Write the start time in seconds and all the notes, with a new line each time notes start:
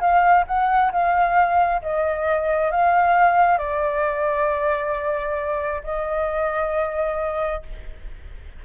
0.00 F5
0.47 F#5
0.92 F5
1.82 D#5
2.71 F5
3.58 D5
5.84 D#5